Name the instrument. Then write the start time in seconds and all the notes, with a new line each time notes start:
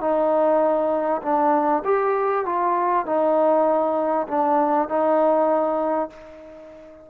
trombone
0.00 D#4
1.22 D4
1.85 G4
2.45 F4
3.06 D#4
4.28 D4
4.88 D#4